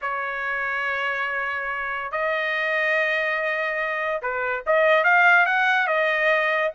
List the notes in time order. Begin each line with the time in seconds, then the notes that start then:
0.01 C#5
2.11 D#5
4.21 B4
4.66 D#5
5.04 F5
5.45 F#5
5.87 D#5